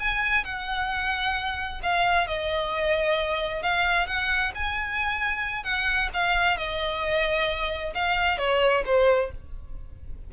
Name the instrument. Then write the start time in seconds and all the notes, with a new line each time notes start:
violin
0.00 G#5
0.45 F#5
1.83 F5
2.28 D#5
3.63 F5
4.07 F#5
4.55 G#5
5.64 F#5
6.14 F5
6.58 D#5
7.95 F5
8.38 C#5
8.86 C5